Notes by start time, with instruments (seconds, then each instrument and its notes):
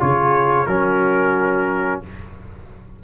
0.00 tuba C#3, trombone F4, horn G#4, trumpet C#5
0.67 tuba F#3, trombone C#4, horn F#4, trumpet A#4